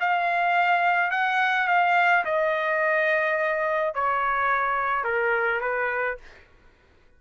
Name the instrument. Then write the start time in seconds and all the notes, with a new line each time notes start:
trumpet
0.00 F5
1.11 F#5
1.68 F5
2.25 D#5
3.94 C#5
5.04 A#4
5.61 B4